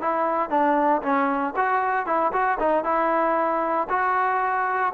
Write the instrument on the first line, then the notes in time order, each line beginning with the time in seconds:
trombone
0.00 E4
0.49 D4
1.02 C#4
1.56 F#4
2.06 E4
2.32 F#4
2.59 D#4
2.84 E4
3.89 F#4